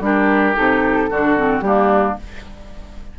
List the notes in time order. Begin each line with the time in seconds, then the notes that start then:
0.00 G3 D4 G4 A#4
0.55 C3 D#4 A4
1.10 D3 D4 F#4
1.36 C4
1.60 G3 A#3 D4 G4